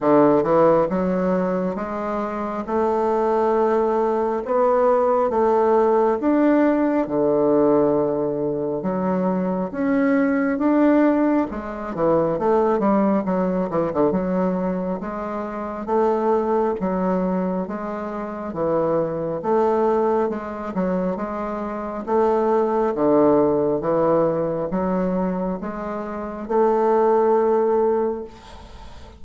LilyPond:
\new Staff \with { instrumentName = "bassoon" } { \time 4/4 \tempo 4 = 68 d8 e8 fis4 gis4 a4~ | a4 b4 a4 d'4 | d2 fis4 cis'4 | d'4 gis8 e8 a8 g8 fis8 e16 d16 |
fis4 gis4 a4 fis4 | gis4 e4 a4 gis8 fis8 | gis4 a4 d4 e4 | fis4 gis4 a2 | }